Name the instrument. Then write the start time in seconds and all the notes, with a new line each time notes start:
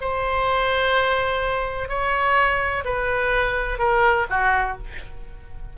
oboe
0.00 C5
1.88 C#5
2.84 B4
3.78 A#4
4.30 F#4